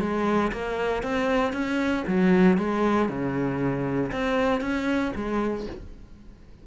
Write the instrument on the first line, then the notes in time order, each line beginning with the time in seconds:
cello
0.00 G#3
0.52 A#3
1.03 C4
1.52 C#4
2.07 F#3
2.57 G#3
3.09 C#3
4.12 C4
4.61 C#4
5.15 G#3